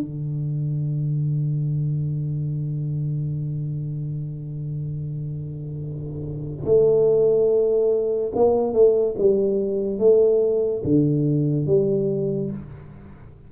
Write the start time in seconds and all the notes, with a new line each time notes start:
0.00 D3
6.65 A3
8.35 A#3
8.73 A3
9.18 G3
9.98 A3
10.84 D3
11.66 G3